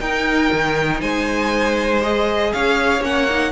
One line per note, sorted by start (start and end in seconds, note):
0.00 0.50 D#4
0.00 2.01 D#4
0.00 1.01 A#4
0.00 1.01 G5
0.52 1.01 D#3
1.01 2.53 G#3
1.01 2.52 C5
1.01 2.02 G#5
2.01 3.02 G#4
2.01 2.53 D#5
2.53 3.01 C#4
2.53 3.52 C#5
2.53 3.03 F5
3.01 3.51 A#3
3.01 3.27 C#4
3.01 3.52 F#5
3.30 3.52 D#4